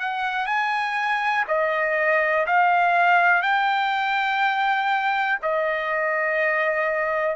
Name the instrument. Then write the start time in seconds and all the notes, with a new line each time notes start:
trumpet
0.00 F#5
0.46 G#5
1.48 D#5
2.47 F5
3.42 G5
5.42 D#5